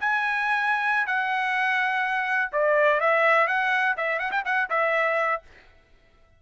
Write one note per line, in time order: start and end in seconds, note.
0.00 1.07 G#5
1.07 2.51 F#5
2.52 3.00 D5
3.00 3.47 E5
3.47 3.95 F#5
3.97 4.19 E5
4.19 4.31 F#5
4.31 4.43 G5
4.45 4.69 F#5
4.70 5.42 E5